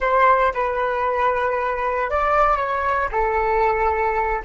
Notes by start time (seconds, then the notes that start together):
0.00 C5
0.54 B4
2.09 D5
2.57 C#5
3.11 A4